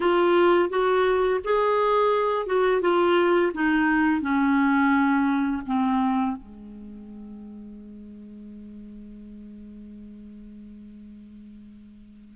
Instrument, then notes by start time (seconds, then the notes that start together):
clarinet
0.00 F4
0.69 F#4
1.43 G#4
2.46 F#4
2.81 F4
3.54 D#4
4.21 C#4
5.66 C4
6.36 G#3